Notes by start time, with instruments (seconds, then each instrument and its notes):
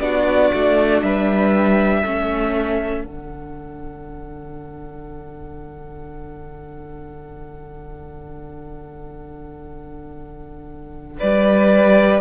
0.00 cello B3, viola D4, violin F#4 D5
0.54 cello A3
1.02 cello G3, violin B4 E5
2.01 cello A3, viola C#4, violin A4
3.04 cello D3, viola D4, violin F#5
11.19 cello G3, violin B4 D5